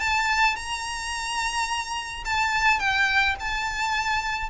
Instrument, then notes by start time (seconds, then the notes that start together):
violin
0.00 A5
0.56 A#5
2.25 A5
2.80 G5
3.40 A5